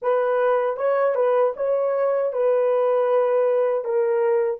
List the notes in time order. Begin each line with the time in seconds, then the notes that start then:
0.01 B4
0.76 C#5
1.15 B4
1.56 C#5
2.33 B4
3.84 A#4